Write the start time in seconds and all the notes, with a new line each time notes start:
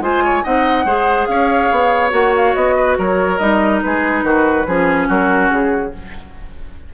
0.00 G#3 F4 C5 G#5
0.23 C#5
0.43 C4 D#4 D#5 F#5
0.85 G#3 G#4 C5
1.26 C#4 C#5 F5
1.71 B3
2.10 A#3 F#4 F#5
2.36 F5
2.54 B3 D#5
2.76 B4
2.98 F#3 A#4 C#5
3.38 G3 D#4 D#5
3.82 G#3 G#4 B4
4.23 D#3 F#4
4.66 F3 C#4 G#4
5.07 F#3 F#4 A#4
5.50 C#3 G#4